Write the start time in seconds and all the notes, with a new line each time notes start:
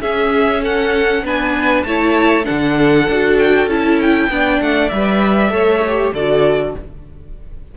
0.00 C#4 G#4 E5
0.62 A4 F#5
1.22 B3 D4 B4 G#5
1.83 A3 E4 C#5 A5
2.44 D4 A4 F#5
2.50 D3
3.08 D4 F#4
3.39 G5
3.67 C#4 E4 A5
4.01 G5
4.29 B3 D4 D5
4.61 A3 F#5
4.89 G3 B4 E5
5.50 A3 A4 C#5
5.87 G4
6.13 D3 F#4 A4 D5